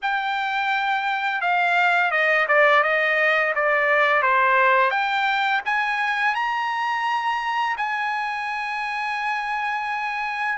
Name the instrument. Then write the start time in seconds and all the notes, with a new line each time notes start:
trumpet
0.02 G5
1.41 F5
2.11 D#5
2.48 D5
2.83 D#5
3.55 D5
4.22 C5
4.90 G5
5.65 G#5
6.34 A#5
7.77 G#5